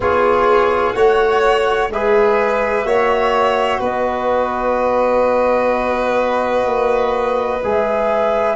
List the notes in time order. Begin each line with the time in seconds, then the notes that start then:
0.00 B3 F4 G#4 C#5
0.92 A3 F#4 C#5 F#5
1.88 G#3 G#4 B4 E5
2.84 A#3 F#4 C#5
3.80 B3 B4 D#5
6.65 A#3
7.63 G#3 G#4 E5